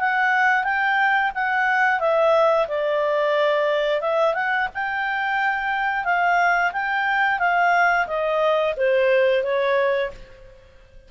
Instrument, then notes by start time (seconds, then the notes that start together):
clarinet
0.00 F#5
0.64 G5
1.35 F#5
2.00 E5
2.68 D5
4.01 E5
4.35 F#5
4.75 G5
6.05 F5
6.73 G5
7.40 F5
8.08 D#5
8.77 C5
9.44 C#5